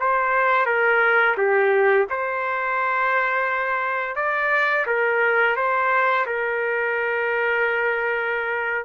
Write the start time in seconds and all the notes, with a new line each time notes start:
0.00 C5
0.66 A#4
1.38 G4
2.11 C5
4.16 D5
4.87 A#4
5.57 C5
6.27 A#4